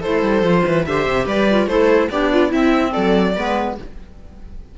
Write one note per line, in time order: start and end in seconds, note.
0.00 0.42 E4
0.00 0.62 A4
0.00 0.85 C5
0.06 0.22 A3
0.22 0.42 G3
0.42 0.63 F3
0.42 0.84 F4
0.66 0.87 E3
0.66 0.87 B4
0.85 1.06 D3
0.85 1.49 G4
0.85 1.26 C5
0.85 1.27 E5
1.06 1.26 C3
1.26 1.67 G3
1.26 1.67 B4
1.26 1.68 D5
1.50 1.68 F4
1.67 2.08 A3
1.67 2.09 E4
1.67 2.11 A4
1.67 2.09 C5
2.10 2.53 B3
2.10 2.51 D4
2.10 2.32 G4
2.10 2.52 D5
2.32 2.49 F4
2.49 3.34 C4
2.49 2.94 C4
2.49 2.90 E4
2.49 2.92 E5
2.92 3.36 F#3
2.92 3.34 A4
2.92 3.75 D5
3.36 3.78 G#3
3.36 3.77 B3
3.36 3.77 B4